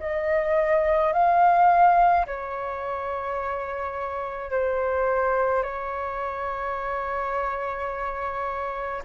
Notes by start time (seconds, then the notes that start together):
0.00 D#5
1.13 F5
2.26 C#5
4.51 C5
5.63 C#5